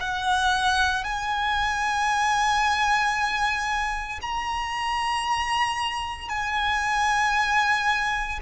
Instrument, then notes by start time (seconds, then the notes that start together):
violin
0.00 F#5
1.04 G#5
4.22 A#5
6.29 G#5